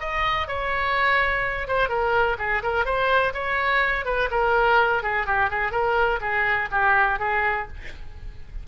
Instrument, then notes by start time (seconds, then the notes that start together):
oboe
0.00 D#5
0.48 C#5
1.68 C5
1.89 A#4
2.38 G#4
2.63 A#4
2.85 C5
3.34 C#5
4.05 B4
4.31 A#4
5.02 G#4
5.26 G4
5.50 G#4
5.72 A#4
6.21 G#4
6.71 G4
7.19 G#4